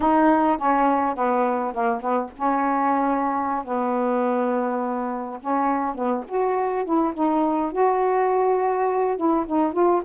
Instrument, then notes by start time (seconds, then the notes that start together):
saxophone
0.00 D#4
0.57 C#4
1.15 B3
1.73 A#3
2.01 B3
2.36 C#4
3.64 B3
5.40 C#4
5.94 B3
6.28 F#4
6.84 E4
7.14 D#4
7.72 F#4
9.16 E4
9.46 D#4
9.73 F4